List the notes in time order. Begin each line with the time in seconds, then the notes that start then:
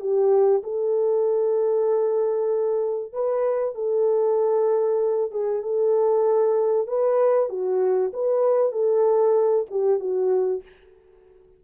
0.00 G4
0.63 A4
3.13 B4
3.75 A4
5.31 G#4
5.62 A4
6.87 B4
7.49 F#4
8.13 B4
8.72 A4
9.70 G4
10.00 F#4